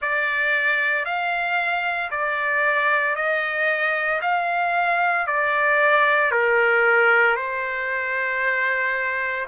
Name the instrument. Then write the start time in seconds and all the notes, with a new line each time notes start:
trumpet
0.01 D5
1.05 F5
2.11 D5
3.15 D#5
4.21 F5
5.26 D5
6.31 A#4
7.35 C5